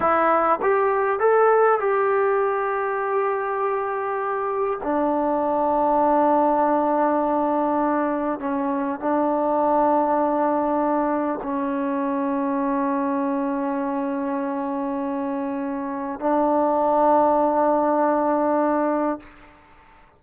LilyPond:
\new Staff \with { instrumentName = "trombone" } { \time 4/4 \tempo 4 = 100 e'4 g'4 a'4 g'4~ | g'1 | d'1~ | d'2 cis'4 d'4~ |
d'2. cis'4~ | cis'1~ | cis'2. d'4~ | d'1 | }